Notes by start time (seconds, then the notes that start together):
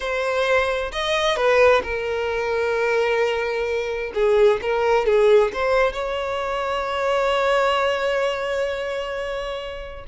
0.00 C5
0.92 D#5
1.36 B4
1.83 A#4
4.14 G#4
4.61 A#4
5.05 G#4
5.53 C5
5.93 C#5